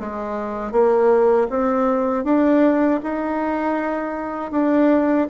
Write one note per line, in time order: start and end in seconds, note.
0.00 0.72 G#3
0.72 1.48 A#3
1.50 2.24 C4
2.24 3.00 D4
3.03 4.52 D#4
4.52 5.28 D4